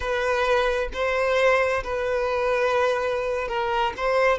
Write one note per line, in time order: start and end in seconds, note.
0.00 0.88 B4
0.93 1.83 C5
1.83 3.48 B4
3.48 3.93 A#4
3.96 4.38 C5